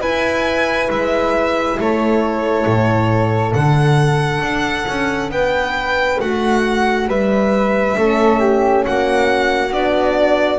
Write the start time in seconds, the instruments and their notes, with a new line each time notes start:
0.00 double bass E4, horn E4, flute B4, violin G#5
0.90 double bass G#3, violin E5
1.79 double bass A3, flute A4, violin C#5
2.66 double bass A2
3.53 double bass D3, horn D4, violin F#5
4.41 double bass D4
4.88 double bass C#4
5.29 double bass B3, flute B4, violin G5
6.20 double bass A3, flute F#4, violin F#5
7.08 double bass G3, flute B4, violin E5
7.94 double bass A3, horn C#4, flute A4
8.40 flute G4
8.85 double bass A#3, flute F#4, violin F#5
9.71 double bass B3, horn D4, violin D5